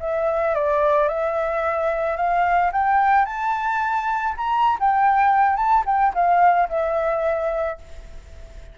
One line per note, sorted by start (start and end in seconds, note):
0.00 0.55 E5
0.55 1.08 D5
1.08 2.17 E5
2.17 2.71 F5
2.72 3.26 G5
3.26 4.35 A5
4.37 4.78 A#5
4.80 5.57 G5
5.57 5.84 A5
5.86 6.13 G5
6.14 6.69 F5
6.69 7.78 E5